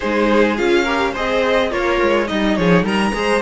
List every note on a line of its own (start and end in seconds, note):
0.00 0.59 G#3
0.00 0.57 D#4
0.00 0.83 G#4
0.00 0.56 C5
0.56 1.16 C#4
0.56 0.85 F4
0.56 1.14 F5
0.83 1.15 G4
0.83 1.11 A#4
1.12 1.72 C4
1.12 1.71 G#4
1.12 1.69 C5
1.12 1.72 D#5
1.70 2.01 A#3
1.70 2.27 F4
1.70 2.27 A#4
1.70 2.27 C#5
2.01 2.30 G#3
2.27 2.58 G3
2.27 3.13 D#4
2.27 2.57 D#4
2.27 2.56 D#5
2.56 2.83 F3
2.56 2.84 G#4
2.56 2.84 C#5
2.83 3.11 G3
2.83 3.13 A#4
2.83 3.42 A#5
3.13 3.42 G#3
3.13 3.41 G#4
3.13 3.42 C5